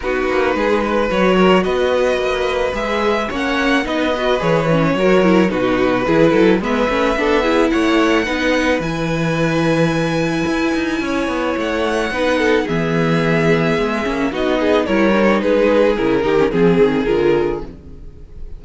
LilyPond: <<
  \new Staff \with { instrumentName = "violin" } { \time 4/4 \tempo 4 = 109 b'2 cis''4 dis''4~ | dis''4 e''4 fis''4 dis''4 | cis''2 b'2 | e''2 fis''2 |
gis''1~ | gis''4 fis''2 e''4~ | e''2 dis''4 cis''4 | b'4 ais'4 gis'4 ais'4 | }
  \new Staff \with { instrumentName = "violin" } { \time 4/4 fis'4 gis'8 b'4 ais'8 b'4~ | b'2 cis''4 b'4~ | b'4 ais'4 fis'4 gis'8 a'8 | b'4 a'8 gis'8 cis''4 b'4~ |
b'1 | cis''2 b'8 a'8 gis'4~ | gis'2 fis'8 gis'8 ais'4 | gis'4. g'8 gis'2 | }
  \new Staff \with { instrumentName = "viola" } { \time 4/4 dis'2 fis'2~ | fis'4 gis'4 cis'4 dis'8 fis'8 | gis'8 cis'8 fis'8 e'8 dis'4 e'4 | b8 cis'8 d'8 e'4. dis'4 |
e'1~ | e'2 dis'4 b4~ | b4. cis'8 dis'4 e'8 dis'8~ | dis'4 e'8 dis'16 cis'16 c'4 f'4 | }
  \new Staff \with { instrumentName = "cello" } { \time 4/4 b8 ais8 gis4 fis4 b4 | ais4 gis4 ais4 b4 | e4 fis4 b,4 e8 fis8 | gis8 a8 b4 a4 b4 |
e2. e'8 dis'8 | cis'8 b8 a4 b4 e4~ | e4 gis8 ais8 b4 g4 | gis4 cis8 dis8 f8 dis8 d4 | }
>>